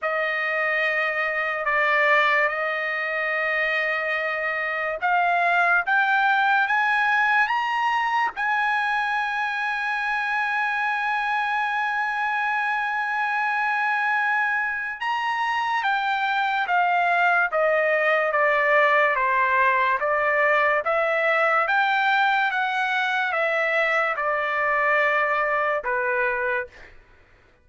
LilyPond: \new Staff \with { instrumentName = "trumpet" } { \time 4/4 \tempo 4 = 72 dis''2 d''4 dis''4~ | dis''2 f''4 g''4 | gis''4 ais''4 gis''2~ | gis''1~ |
gis''2 ais''4 g''4 | f''4 dis''4 d''4 c''4 | d''4 e''4 g''4 fis''4 | e''4 d''2 b'4 | }